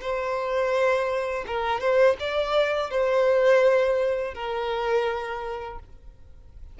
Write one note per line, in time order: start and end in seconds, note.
0.00 1.45 C5
1.47 1.80 A#4
1.80 2.16 C5
2.19 2.90 D5
2.90 4.34 C5
4.34 5.79 A#4